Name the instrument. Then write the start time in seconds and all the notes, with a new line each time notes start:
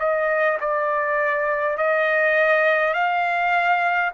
trumpet
0.00 D#5
0.61 D5
1.78 D#5
2.94 F5